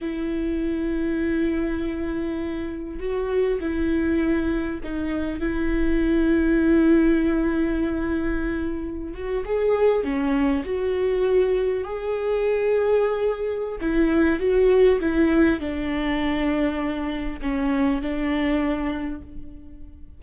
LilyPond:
\new Staff \with { instrumentName = "viola" } { \time 4/4 \tempo 4 = 100 e'1~ | e'4 fis'4 e'2 | dis'4 e'2.~ | e'2.~ e'16 fis'8 gis'16~ |
gis'8. cis'4 fis'2 gis'16~ | gis'2. e'4 | fis'4 e'4 d'2~ | d'4 cis'4 d'2 | }